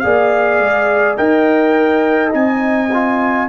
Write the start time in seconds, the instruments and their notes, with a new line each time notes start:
0.00 tuba A#3, trombone G#4, horn D5, trumpet F5
0.60 tuba G#3
1.18 tuba D#4, trombone A#4, horn D#5, trumpet G5
2.31 tuba C4, trombone D#4, trumpet G#5
2.94 trombone F4